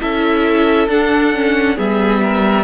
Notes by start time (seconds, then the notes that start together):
0.00 C#4 E4 A4 E5
0.88 D4 F#5
1.34 C#4
1.76 G3 B3 G#4 E5
2.22 A#4